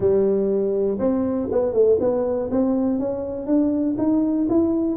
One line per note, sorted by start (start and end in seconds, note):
0.00 0.98 G3
0.98 1.48 C4
1.51 1.73 B3
1.73 1.97 A3
1.99 2.49 B3
2.50 2.99 C4
2.99 3.46 C#4
3.46 3.95 D4
3.98 4.47 D#4
4.49 4.96 E4